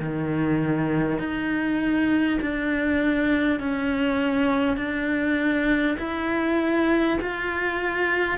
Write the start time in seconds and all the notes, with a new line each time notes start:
0.00 D#3
1.18 D#4
2.41 D4
3.59 C#4
4.76 D4
5.98 E4
7.21 F4